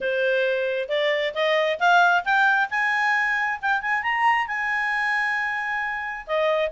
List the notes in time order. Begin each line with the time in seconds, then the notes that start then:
0.00 C5
0.88 D5
1.34 D#5
1.79 F5
2.24 G5
2.70 G#5
3.61 G5
3.81 G#5
4.03 A#5
4.47 G#5
6.26 D#5